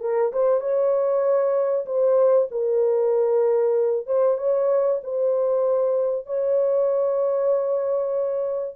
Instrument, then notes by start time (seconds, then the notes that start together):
horn
0.00 A#4
0.32 C5
0.60 C#5
1.86 C5
2.51 A#4
4.07 C5
4.38 C#5
5.03 C5
6.26 C#5